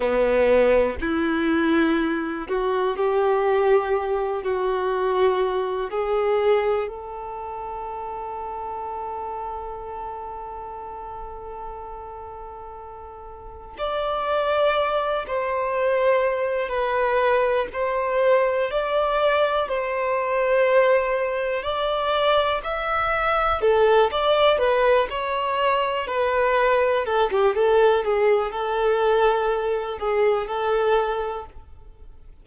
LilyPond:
\new Staff \with { instrumentName = "violin" } { \time 4/4 \tempo 4 = 61 b4 e'4. fis'8 g'4~ | g'8 fis'4. gis'4 a'4~ | a'1~ | a'2 d''4. c''8~ |
c''4 b'4 c''4 d''4 | c''2 d''4 e''4 | a'8 d''8 b'8 cis''4 b'4 a'16 g'16 | a'8 gis'8 a'4. gis'8 a'4 | }